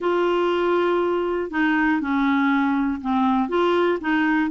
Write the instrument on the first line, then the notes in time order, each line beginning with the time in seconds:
clarinet
0.00 F4
1.50 D#4
2.00 C#4
3.01 C4
3.48 F4
4.00 D#4